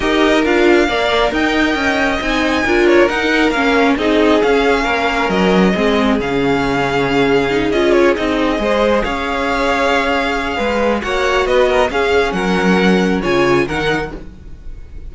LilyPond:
<<
  \new Staff \with { instrumentName = "violin" } { \time 4/4 \tempo 4 = 136 dis''4 f''2 g''4~ | g''4 gis''4. cis''8 fis''4 | f''4 dis''4 f''2 | dis''2 f''2~ |
f''4. dis''8 cis''8 dis''4.~ | dis''8 f''2.~ f''8~ | f''4 fis''4 dis''4 f''4 | fis''2 gis''4 fis''4 | }
  \new Staff \with { instrumentName = "violin" } { \time 4/4 ais'2 d''4 dis''4~ | dis''2 ais'2~ | ais'4 gis'2 ais'4~ | ais'4 gis'2.~ |
gis'2.~ gis'8 c''8~ | c''8 cis''2.~ cis''8 | b'4 cis''4 b'8 ais'8 gis'4 | ais'2 cis''4 ais'4 | }
  \new Staff \with { instrumentName = "viola" } { \time 4/4 g'4 f'4 ais'2~ | ais'4 dis'4 f'4 dis'4 | cis'4 dis'4 cis'2~ | cis'4 c'4 cis'2~ |
cis'4 dis'8 f'4 dis'4 gis'8~ | gis'1~ | gis'4 fis'2 cis'4~ | cis'2 f'4 dis'4 | }
  \new Staff \with { instrumentName = "cello" } { \time 4/4 dis'4 d'4 ais4 dis'4 | cis'4 c'4 d'4 dis'4 | ais4 c'4 cis'4 ais4 | fis4 gis4 cis2~ |
cis4. cis'4 c'4 gis8~ | gis8 cis'2.~ cis'8 | gis4 ais4 b4 cis'4 | fis2 cis4 dis4 | }
>>